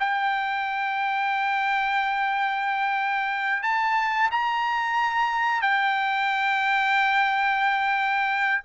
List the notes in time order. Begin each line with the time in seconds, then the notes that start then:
0.00 G5
3.63 A5
4.32 A#5
5.62 G5